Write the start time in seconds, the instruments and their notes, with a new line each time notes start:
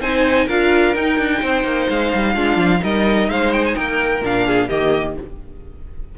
0.00 cello C4, viola D#4, violin C5 G#5
0.45 cello D4, viola F4, violin A#4 F5
0.95 cello D#4, viola D#4, violin G5
1.18 cello D4
1.41 cello C4, violin C5
1.64 cello A#3
1.89 cello G#3, violin F5
2.14 cello G3
2.33 cello G#3, viola D4, violin F4
2.57 cello F3
2.79 cello G3, viola D#4, violin A#4 D#5
3.28 cello G#3, violin C5 F5
3.53 violin G5
3.66 violin G#5
3.75 cello A#3, violin A#4 G5
4.21 cello A#2, viola D4, violin F5
4.46 violin G#4
4.68 cello D#3, viola A#3, violin G4 D#5